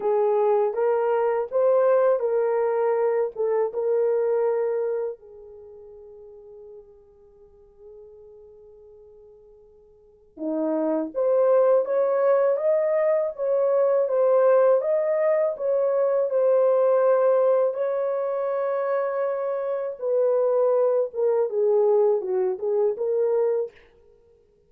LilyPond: \new Staff \with { instrumentName = "horn" } { \time 4/4 \tempo 4 = 81 gis'4 ais'4 c''4 ais'4~ | ais'8 a'8 ais'2 gis'4~ | gis'1~ | gis'2 dis'4 c''4 |
cis''4 dis''4 cis''4 c''4 | dis''4 cis''4 c''2 | cis''2. b'4~ | b'8 ais'8 gis'4 fis'8 gis'8 ais'4 | }